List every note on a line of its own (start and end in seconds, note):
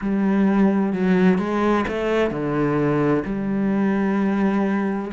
0.01 0.92 G3
0.92 1.38 F#3
1.38 1.85 G#3
1.88 2.30 A3
2.30 3.23 D3
3.25 5.11 G3